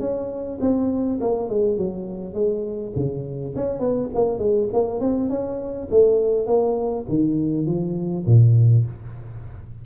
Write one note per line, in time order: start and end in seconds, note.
0.00 0.59 C#4
0.61 1.20 C4
1.21 1.49 A#3
1.49 1.78 G#3
1.78 2.34 F#3
2.34 2.93 G#3
2.96 3.55 C#3
3.56 3.80 C#4
3.80 4.09 B3
4.15 4.39 A#3
4.39 4.68 G#3
4.73 5.00 A#3
5.00 5.29 C4
5.29 5.88 C#4
5.91 6.47 A3
6.47 7.06 A#3
7.09 7.67 D#3
7.67 8.25 F3
8.27 8.86 A#2